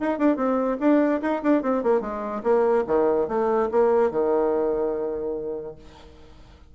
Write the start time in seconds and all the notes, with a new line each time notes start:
0.00 D#4
0.19 D4
0.36 C4
0.80 D4
1.21 D#4
1.43 D4
1.63 C4
1.83 A#3
2.01 G#3
2.43 A#3
2.87 D#3
3.28 A3
3.71 A#3
4.11 D#3